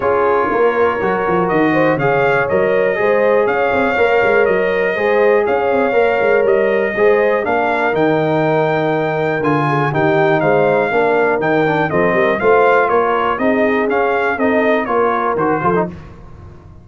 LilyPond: <<
  \new Staff \with { instrumentName = "trumpet" } { \time 4/4 \tempo 4 = 121 cis''2. dis''4 | f''4 dis''2 f''4~ | f''4 dis''2 f''4~ | f''4 dis''2 f''4 |
g''2. gis''4 | g''4 f''2 g''4 | dis''4 f''4 cis''4 dis''4 | f''4 dis''4 cis''4 c''4 | }
  \new Staff \with { instrumentName = "horn" } { \time 4/4 gis'4 ais'2~ ais'8 c''8 | cis''2 c''4 cis''4~ | cis''2 c''4 cis''4~ | cis''2 c''4 ais'4~ |
ais'2.~ ais'8 gis'8 | g'4 c''4 ais'2 | a'8 ais'8 c''4 ais'4 gis'4~ | gis'4 a'4 ais'4. a'8 | }
  \new Staff \with { instrumentName = "trombone" } { \time 4/4 f'2 fis'2 | gis'4 ais'4 gis'2 | ais'2 gis'2 | ais'2 gis'4 d'4 |
dis'2. f'4 | dis'2 d'4 dis'8 d'8 | c'4 f'2 dis'4 | cis'4 dis'4 f'4 fis'8 f'16 dis'16 | }
  \new Staff \with { instrumentName = "tuba" } { \time 4/4 cis'4 ais4 fis8 f8 dis4 | cis4 fis4 gis4 cis'8 c'8 | ais8 gis8 fis4 gis4 cis'8 c'8 | ais8 gis8 g4 gis4 ais4 |
dis2. d4 | dis4 gis4 ais4 dis4 | f8 g8 a4 ais4 c'4 | cis'4 c'4 ais4 dis8 f8 | }
>>